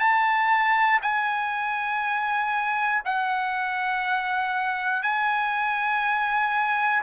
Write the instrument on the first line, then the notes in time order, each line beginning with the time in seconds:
trumpet
0.00 A5
1.03 G#5
3.05 F#5
5.03 G#5